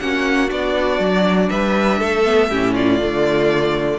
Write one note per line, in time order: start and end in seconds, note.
0.00 0.51 A#3
0.00 0.48 C#4
0.00 1.50 F#4
0.00 0.50 F#5
0.48 0.99 B3
0.48 2.23 D4
0.48 1.49 D5
0.99 1.49 F#3
1.49 2.01 G3
1.49 1.99 B4
1.49 2.74 E5
1.99 2.51 A3
1.99 2.49 A4
2.25 2.50 B3
2.50 3.01 A2
2.50 2.99 C#4
2.50 2.74 G4
2.74 3.99 F4
2.74 3.99 D5
2.99 3.99 D3
2.99 3.99 A3